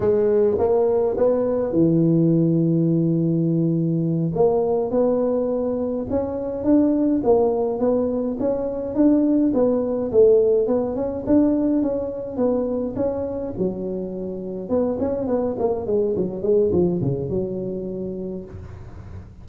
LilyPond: \new Staff \with { instrumentName = "tuba" } { \time 4/4 \tempo 4 = 104 gis4 ais4 b4 e4~ | e2.~ e8 ais8~ | ais8 b2 cis'4 d'8~ | d'8 ais4 b4 cis'4 d'8~ |
d'8 b4 a4 b8 cis'8 d'8~ | d'8 cis'4 b4 cis'4 fis8~ | fis4. b8 cis'8 b8 ais8 gis8 | fis8 gis8 f8 cis8 fis2 | }